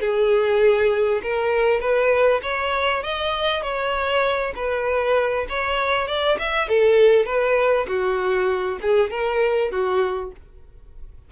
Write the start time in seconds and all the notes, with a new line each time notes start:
0.00 G#4
1.22 A#4
1.80 B4
2.42 C#5
3.02 D#5
3.62 C#5
4.55 B4
5.49 C#5
6.07 D5
6.38 E5
6.68 A4
7.25 B4
7.87 F#4
8.81 G#4
9.10 A#4
9.71 F#4